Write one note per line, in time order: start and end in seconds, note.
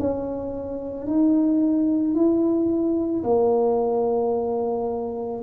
0.00 1.07 C#4
1.07 2.14 D#4
2.14 3.23 E4
3.24 5.42 A#3